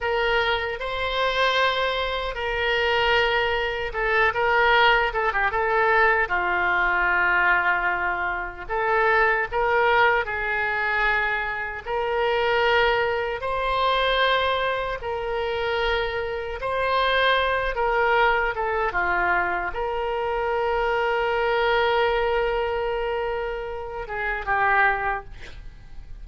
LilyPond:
\new Staff \with { instrumentName = "oboe" } { \time 4/4 \tempo 4 = 76 ais'4 c''2 ais'4~ | ais'4 a'8 ais'4 a'16 g'16 a'4 | f'2. a'4 | ais'4 gis'2 ais'4~ |
ais'4 c''2 ais'4~ | ais'4 c''4. ais'4 a'8 | f'4 ais'2.~ | ais'2~ ais'8 gis'8 g'4 | }